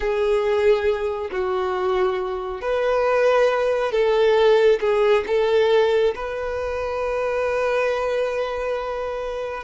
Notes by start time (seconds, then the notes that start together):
0.00 G#4
1.31 F#4
2.61 B4
3.92 A4
4.80 G#4
5.26 A4
6.15 B4